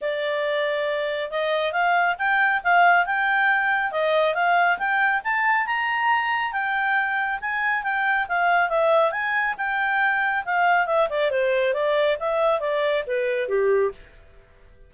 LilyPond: \new Staff \with { instrumentName = "clarinet" } { \time 4/4 \tempo 4 = 138 d''2. dis''4 | f''4 g''4 f''4 g''4~ | g''4 dis''4 f''4 g''4 | a''4 ais''2 g''4~ |
g''4 gis''4 g''4 f''4 | e''4 gis''4 g''2 | f''4 e''8 d''8 c''4 d''4 | e''4 d''4 b'4 g'4 | }